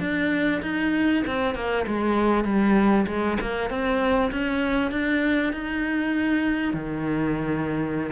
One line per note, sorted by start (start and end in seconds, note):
0.00 0.61 D4
0.62 1.23 D#4
1.26 1.55 C4
1.55 1.85 A#3
1.86 2.44 G#3
2.44 3.06 G3
3.07 3.37 G#3
3.40 3.70 A#3
3.70 4.31 C4
4.31 4.91 C#4
4.91 5.52 D4
5.53 6.73 D#4
6.73 8.11 D#3